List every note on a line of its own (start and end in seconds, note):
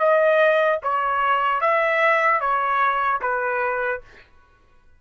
0.00 0.80 D#5
0.83 1.61 C#5
1.61 2.41 E5
2.41 3.21 C#5
3.21 4.01 B4